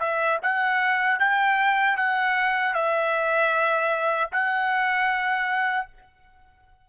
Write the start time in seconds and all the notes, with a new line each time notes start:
0.00 E5
0.43 F#5
1.20 G5
1.97 F#5
2.74 E5
4.32 F#5